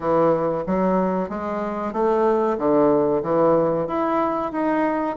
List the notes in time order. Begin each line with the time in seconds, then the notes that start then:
0.00 E3
0.66 F#3
1.29 G#3
1.92 A3
2.58 D3
3.23 E3
3.87 E4
4.52 D#4